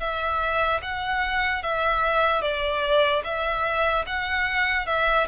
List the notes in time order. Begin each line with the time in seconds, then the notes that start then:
0.00 E5
0.82 F#5
1.63 E5
2.42 D5
3.24 E5
4.07 F#5
4.86 E5